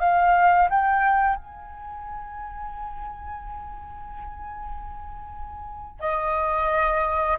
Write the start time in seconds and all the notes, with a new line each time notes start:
0.00 F5
0.70 G5
1.36 G#5
6.00 D#5